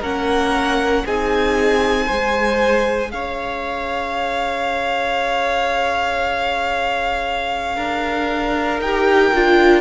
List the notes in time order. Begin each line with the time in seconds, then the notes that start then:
0.00 A#3 C#4 A#4 F#5
1.06 C4 D#4 G#4 G#5
2.06 G#3 G#4 C5
3.11 C#4 C#5 F5
7.76 D4 A#4
8.80 D#4 G4 G5
9.33 D4 F4